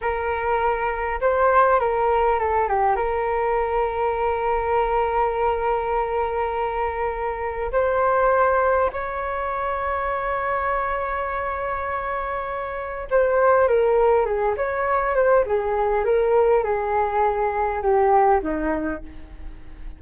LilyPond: \new Staff \with { instrumentName = "flute" } { \time 4/4 \tempo 4 = 101 ais'2 c''4 ais'4 | a'8 g'8 ais'2.~ | ais'1~ | ais'4 c''2 cis''4~ |
cis''1~ | cis''2 c''4 ais'4 | gis'8 cis''4 c''8 gis'4 ais'4 | gis'2 g'4 dis'4 | }